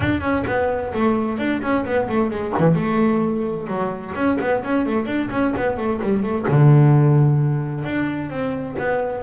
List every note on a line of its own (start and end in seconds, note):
0.00 0.21 D4
0.21 0.44 C#4
0.46 0.93 B3
0.93 1.38 A3
1.38 1.61 D4
1.62 1.85 C#4
1.85 2.08 B3
2.09 2.30 A3
2.30 2.53 G#3
2.58 2.75 E3
2.75 3.67 A3
3.67 4.13 F#3
4.15 4.38 C#4
4.40 4.63 B3
4.64 4.86 C#4
4.86 5.06 A3
5.06 5.29 D4
5.30 5.53 C#4
5.56 5.77 B3
5.77 6.00 A3
6.02 6.22 G3
6.22 6.46 A3
6.47 7.84 D3
7.84 8.30 D4
8.30 8.76 C4
8.78 9.23 B3